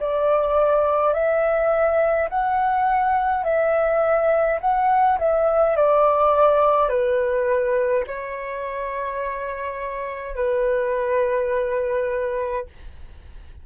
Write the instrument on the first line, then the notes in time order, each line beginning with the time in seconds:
flute
0.00 D5
1.14 E5
2.30 F#5
3.45 E5
4.61 F#5
5.19 E5
5.76 D5
6.89 B4
8.08 C#5
10.36 B4